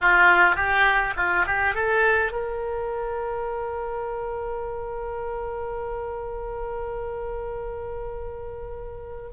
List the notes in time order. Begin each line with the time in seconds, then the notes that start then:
0.01 F4
0.55 G4
1.16 F4
1.46 G4
1.74 A4
2.31 A#4